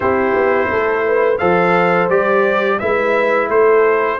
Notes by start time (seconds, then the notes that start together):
0.00 C4 E4 G4 C5
0.34 B3
0.70 A3 A4
1.07 B4
1.38 F3 A4 C5 F5
2.09 G3 G4 D5
2.79 G#3 E4 B4 E5
3.48 A3 A4 C5